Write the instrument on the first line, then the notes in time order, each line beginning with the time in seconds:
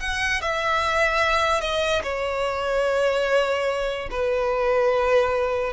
violin
0.00 F#5
0.41 E5
1.61 D#5
2.03 C#5
4.11 B4